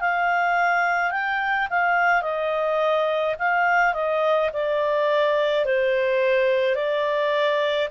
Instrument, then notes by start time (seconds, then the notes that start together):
clarinet
0.00 F5
1.11 G5
1.70 F5
2.22 D#5
3.39 F5
3.93 D#5
4.53 D5
5.65 C5
6.75 D5